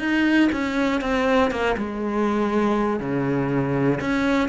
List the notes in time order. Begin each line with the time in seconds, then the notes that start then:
0.00 D#4
0.52 C#4
1.01 C4
1.51 A#3
1.77 G#3
3.00 C#3
4.01 C#4